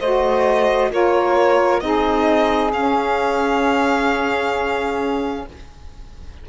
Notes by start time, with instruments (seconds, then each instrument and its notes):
0.00 cello A3, saxophone F#4 C5, violin D#5
0.91 cello A#3, saxophone F4 A#4, violin C#5
1.80 cello C4, saxophone D#4 G#4, violin D#5
2.73 cello C#4, saxophone C#4, violin F5